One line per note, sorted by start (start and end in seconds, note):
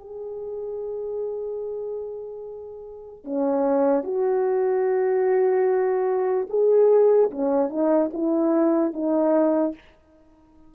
0.00 3.24 G#4
3.24 4.04 C#4
4.04 6.47 F#4
6.49 7.30 G#4
7.31 7.70 C#4
7.70 8.10 D#4
8.13 8.93 E4
8.93 9.74 D#4